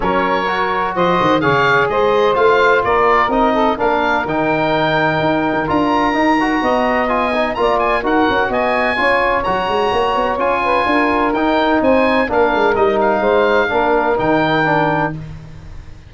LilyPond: <<
  \new Staff \with { instrumentName = "oboe" } { \time 4/4 \tempo 4 = 127 cis''2 dis''4 f''4 | dis''4 f''4 d''4 dis''4 | f''4 g''2. | ais''2. gis''4 |
ais''8 gis''8 fis''4 gis''2 | ais''2 gis''2 | g''4 gis''4 f''4 dis''8 f''8~ | f''2 g''2 | }
  \new Staff \with { instrumentName = "saxophone" } { \time 4/4 ais'2 c''4 cis''4 | c''2 ais'4. a'8 | ais'1~ | ais'2 dis''2 |
d''4 ais'4 dis''4 cis''4~ | cis''2~ cis''8 b'8 ais'4~ | ais'4 c''4 ais'2 | c''4 ais'2. | }
  \new Staff \with { instrumentName = "trombone" } { \time 4/4 cis'4 fis'2 gis'4~ | gis'4 f'2 dis'4 | d'4 dis'2. | f'4 dis'8 fis'4. f'8 dis'8 |
f'4 fis'2 f'4 | fis'2 f'2 | dis'2 d'4 dis'4~ | dis'4 d'4 dis'4 d'4 | }
  \new Staff \with { instrumentName = "tuba" } { \time 4/4 fis2 f8 dis8 cis4 | gis4 a4 ais4 c'4 | ais4 dis2 dis'8. dis16 | d'4 dis'4 b2 |
ais4 dis'8 cis'8 b4 cis'4 | fis8 gis8 ais8 b8 cis'4 d'4 | dis'4 c'4 ais8 gis8 g4 | gis4 ais4 dis2 | }
>>